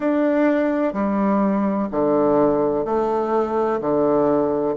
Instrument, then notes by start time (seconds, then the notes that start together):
bassoon
0.00 D4
0.93 G3
1.90 D3
2.85 A3
3.81 D3